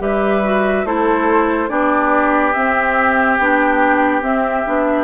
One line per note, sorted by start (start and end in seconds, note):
0.00 0.85 G3
0.00 0.42 G4
0.00 0.87 B4
0.00 0.86 E5
0.44 0.86 F#4
0.85 1.69 A3
0.85 1.68 E4
0.85 1.70 A4
0.85 1.70 C5
1.68 2.55 B3
1.68 2.53 D4
1.68 5.04 G4
1.68 2.53 D5
2.53 3.40 C4
2.53 3.39 C4
2.53 3.37 E5
3.38 4.22 B3
3.38 4.22 D4
3.38 4.23 G5
4.22 4.64 C4
4.22 4.65 C4
4.22 5.04 E5
4.66 5.04 B3
4.66 5.04 D4